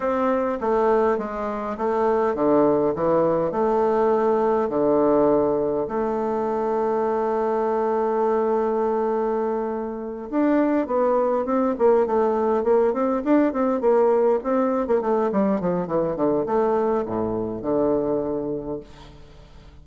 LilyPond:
\new Staff \with { instrumentName = "bassoon" } { \time 4/4 \tempo 4 = 102 c'4 a4 gis4 a4 | d4 e4 a2 | d2 a2~ | a1~ |
a4. d'4 b4 c'8 | ais8 a4 ais8 c'8 d'8 c'8 ais8~ | ais8 c'8. ais16 a8 g8 f8 e8 d8 | a4 a,4 d2 | }